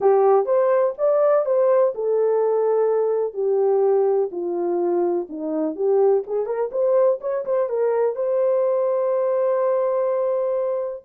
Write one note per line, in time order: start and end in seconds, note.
0.00 0.45 G4
0.45 0.93 C5
0.97 1.45 D5
1.45 1.93 C5
1.94 3.33 A4
3.33 4.29 G4
4.31 5.27 F4
5.29 5.75 D#4
5.75 6.23 G4
6.26 6.46 G#4
6.46 6.70 A#4
6.71 7.19 C5
7.20 7.44 C#5
7.45 7.69 C5
7.69 8.15 A#4
8.15 11.03 C5